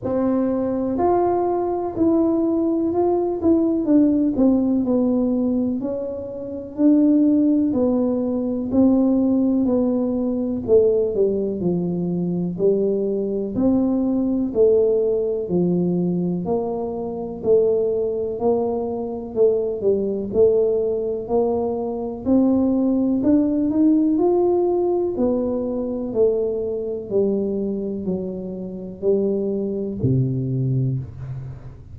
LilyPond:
\new Staff \with { instrumentName = "tuba" } { \time 4/4 \tempo 4 = 62 c'4 f'4 e'4 f'8 e'8 | d'8 c'8 b4 cis'4 d'4 | b4 c'4 b4 a8 g8 | f4 g4 c'4 a4 |
f4 ais4 a4 ais4 | a8 g8 a4 ais4 c'4 | d'8 dis'8 f'4 b4 a4 | g4 fis4 g4 c4 | }